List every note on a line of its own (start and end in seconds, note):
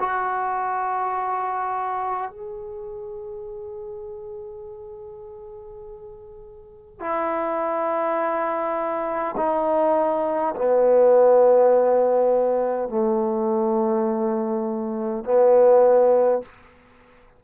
0.00 2.31 F#4
2.31 7.00 G#4
7.00 9.35 E4
9.37 10.55 D#4
10.55 12.89 B3
12.89 15.25 A3
15.25 16.42 B3